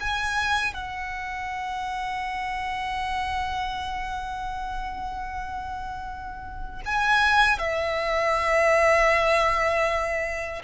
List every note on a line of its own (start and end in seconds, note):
0.00 0.74 G#5
0.74 6.81 F#5
6.85 7.58 G#5
7.58 10.62 E5